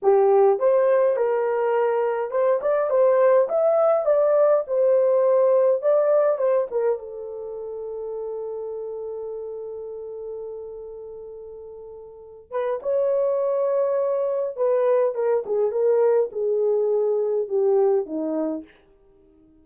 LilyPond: \new Staff \with { instrumentName = "horn" } { \time 4/4 \tempo 4 = 103 g'4 c''4 ais'2 | c''8 d''8 c''4 e''4 d''4 | c''2 d''4 c''8 ais'8 | a'1~ |
a'1~ | a'4. b'8 cis''2~ | cis''4 b'4 ais'8 gis'8 ais'4 | gis'2 g'4 dis'4 | }